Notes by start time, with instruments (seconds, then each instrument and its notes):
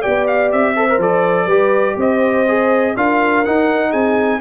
0.00 tuba B3, trombone G4, horn D5, trumpet G5
0.27 trumpet F5
0.52 tuba C4, trumpet E5
0.76 trombone A4, horn C5
0.89 trombone A#4
0.98 tuba F3, trombone A4, trumpet D5
1.45 tuba G3, trombone G4, horn B4
1.97 tuba C4, horn C5, trumpet D#5
2.48 trombone G#4
2.96 tuba D4, trombone F4, horn A#4, trumpet F5
3.45 trombone D#4, tuba D#4, trumpet F#5
3.90 tuba C4, horn G#4, trumpet G#5